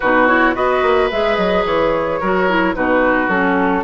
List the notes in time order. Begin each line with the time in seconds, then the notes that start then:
0.00 B2 D#4 F#4 B4
0.27 E4 C#5
0.54 B3 F#4 B4 D#5
0.82 A#3
1.11 G#3 G#4 E5
1.36 F#3 D#5
1.65 E3 C#5
2.20 F#3 F#4 A#4
2.49 E4
2.74 B2 D#4 F#4 B4
3.28 F#3 C#4 A4